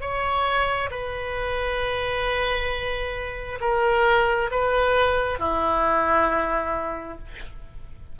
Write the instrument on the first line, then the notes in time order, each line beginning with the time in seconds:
oboe
0.00 C#5
0.90 B4
3.60 A#4
4.51 B4
5.39 E4